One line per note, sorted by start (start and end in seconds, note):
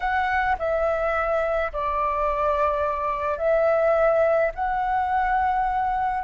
0.00 0.56 F#5
0.58 1.71 E5
1.72 3.38 D5
3.38 4.51 E5
4.54 6.24 F#5